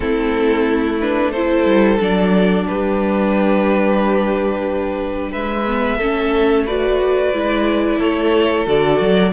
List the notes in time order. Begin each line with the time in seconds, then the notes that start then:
0.00 A3 C4 E4 A4
1.00 D4 B4
1.31 E4 A4 C5
1.65 G3
1.99 F#3 D4 D5
2.67 G3 G4 B4
5.31 G#3 B4 E5
5.66 B3
5.97 A3 C#4 A4
6.65 F#4 B4 D5
7.33 G#3 E4
7.98 A3 A4 C#5
8.66 D3 F#4 D5
8.99 F#3